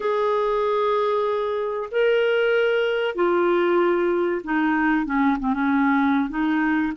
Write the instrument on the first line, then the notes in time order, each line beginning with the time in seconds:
clarinet
0.00 G#4
1.91 A#4
3.15 F4
4.44 D#4
5.05 C#4
5.39 C4
5.53 C#4
6.29 D#4